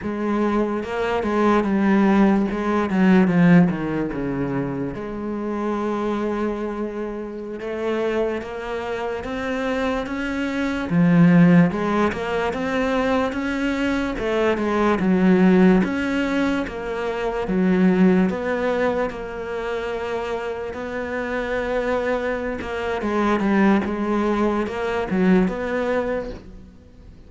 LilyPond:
\new Staff \with { instrumentName = "cello" } { \time 4/4 \tempo 4 = 73 gis4 ais8 gis8 g4 gis8 fis8 | f8 dis8 cis4 gis2~ | gis4~ gis16 a4 ais4 c'8.~ | c'16 cis'4 f4 gis8 ais8 c'8.~ |
c'16 cis'4 a8 gis8 fis4 cis'8.~ | cis'16 ais4 fis4 b4 ais8.~ | ais4~ ais16 b2~ b16 ais8 | gis8 g8 gis4 ais8 fis8 b4 | }